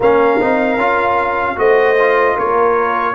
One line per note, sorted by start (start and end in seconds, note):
0.00 0.39 A#3
0.00 0.40 C#4
0.00 1.54 A#4
0.00 1.58 F5
0.40 0.77 C4
0.40 0.78 D#4
0.77 1.56 C#4
0.77 1.55 F4
1.55 2.37 A3
1.55 1.95 F#4
1.55 2.35 C5
1.55 2.37 D#5
1.99 3.14 F4
2.35 3.14 A#3
2.35 3.14 A#4
2.35 3.14 C#5